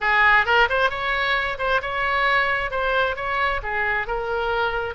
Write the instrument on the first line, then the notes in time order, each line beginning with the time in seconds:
oboe
0.01 G#4
0.45 A#4
0.69 C5
0.90 C#5
1.58 C5
1.81 C#5
2.70 C5
3.16 C#5
3.63 G#4
4.07 A#4